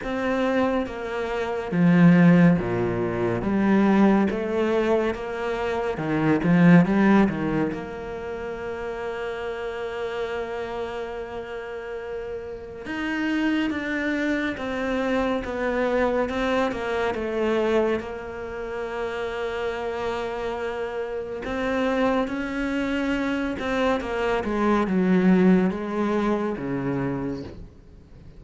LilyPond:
\new Staff \with { instrumentName = "cello" } { \time 4/4 \tempo 4 = 70 c'4 ais4 f4 ais,4 | g4 a4 ais4 dis8 f8 | g8 dis8 ais2.~ | ais2. dis'4 |
d'4 c'4 b4 c'8 ais8 | a4 ais2.~ | ais4 c'4 cis'4. c'8 | ais8 gis8 fis4 gis4 cis4 | }